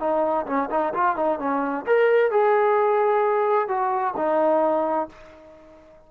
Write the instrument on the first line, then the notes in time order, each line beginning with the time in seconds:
trombone
0.00 D#4
0.47 C#4
0.71 D#4
0.94 F4
1.17 D#4
1.40 C#4
1.87 A#4
2.31 G#4
3.68 F#4
4.17 D#4